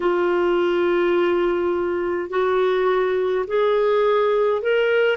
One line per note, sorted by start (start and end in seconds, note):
0.00 2.29 F4
2.29 3.45 F#4
3.47 4.62 G#4
4.62 5.17 A#4